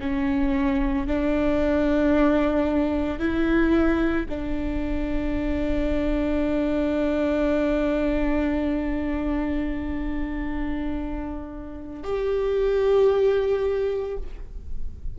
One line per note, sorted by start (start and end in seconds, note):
0.00 1.07 C#4
1.07 3.19 D4
3.19 4.27 E4
4.29 12.03 D4
12.03 14.18 G4